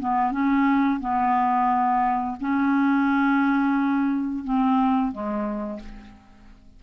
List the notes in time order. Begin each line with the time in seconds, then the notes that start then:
0.00 B3
0.32 C#4
1.00 B3
2.40 C#4
4.44 C4
5.12 G#3